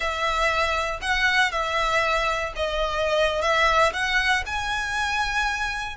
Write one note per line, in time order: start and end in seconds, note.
0.00 1.00 E5
1.01 1.51 F#5
1.51 2.53 E5
2.55 3.41 D#5
3.41 3.92 E5
3.93 4.44 F#5
4.46 5.96 G#5